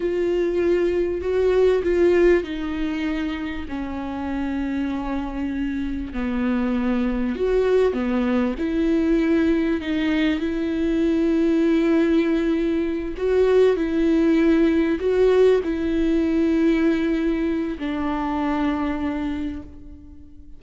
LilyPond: \new Staff \with { instrumentName = "viola" } { \time 4/4 \tempo 4 = 98 f'2 fis'4 f'4 | dis'2 cis'2~ | cis'2 b2 | fis'4 b4 e'2 |
dis'4 e'2.~ | e'4. fis'4 e'4.~ | e'8 fis'4 e'2~ e'8~ | e'4 d'2. | }